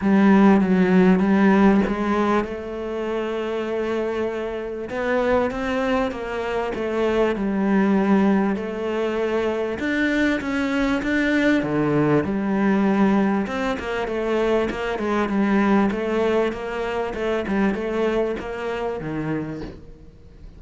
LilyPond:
\new Staff \with { instrumentName = "cello" } { \time 4/4 \tempo 4 = 98 g4 fis4 g4 gis4 | a1 | b4 c'4 ais4 a4 | g2 a2 |
d'4 cis'4 d'4 d4 | g2 c'8 ais8 a4 | ais8 gis8 g4 a4 ais4 | a8 g8 a4 ais4 dis4 | }